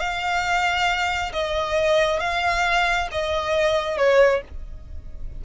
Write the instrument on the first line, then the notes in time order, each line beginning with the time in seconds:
violin
0.00 F5
1.33 D#5
2.20 F5
3.12 D#5
3.97 C#5